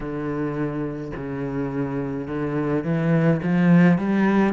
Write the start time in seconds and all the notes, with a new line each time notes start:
0.00 D3
1.16 C#3
2.27 D3
2.84 E3
3.42 F3
3.97 G3